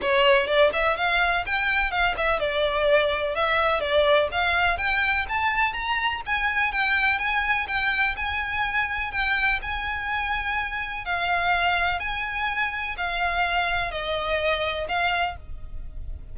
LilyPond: \new Staff \with { instrumentName = "violin" } { \time 4/4 \tempo 4 = 125 cis''4 d''8 e''8 f''4 g''4 | f''8 e''8 d''2 e''4 | d''4 f''4 g''4 a''4 | ais''4 gis''4 g''4 gis''4 |
g''4 gis''2 g''4 | gis''2. f''4~ | f''4 gis''2 f''4~ | f''4 dis''2 f''4 | }